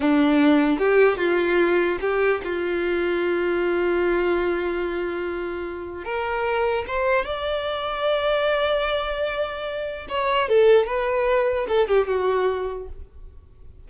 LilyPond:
\new Staff \with { instrumentName = "violin" } { \time 4/4 \tempo 4 = 149 d'2 g'4 f'4~ | f'4 g'4 f'2~ | f'1~ | f'2. ais'4~ |
ais'4 c''4 d''2~ | d''1~ | d''4 cis''4 a'4 b'4~ | b'4 a'8 g'8 fis'2 | }